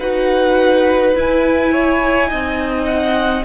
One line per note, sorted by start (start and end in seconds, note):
0.00 1.16 D#4
0.00 1.15 F#4
0.00 1.73 B4
0.00 1.15 F#5
1.15 2.27 E4
1.15 2.32 E4
1.15 2.86 G#5
1.73 2.30 C#5
2.27 3.42 D#4
2.27 3.45 D#5
2.33 3.45 C4
2.86 3.44 F#5